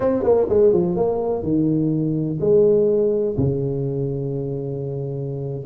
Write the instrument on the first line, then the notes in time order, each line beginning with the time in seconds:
tuba
0.00 C4
0.23 A#3
0.49 G#3
0.72 F3
0.96 A#3
1.42 D#3
2.40 G#3
3.37 C#3